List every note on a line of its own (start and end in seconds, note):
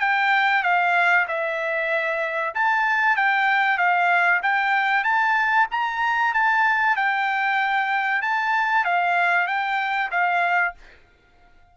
0.00 0.63 G5
0.63 1.26 F5
1.28 2.54 E5
2.54 3.16 A5
3.16 3.78 G5
3.78 4.41 F5
4.43 5.04 G5
5.04 5.67 A5
5.71 6.34 A#5
6.34 6.96 A5
6.96 8.22 G5
8.22 8.84 A5
8.84 9.47 F5
9.47 10.10 G5
10.11 10.74 F5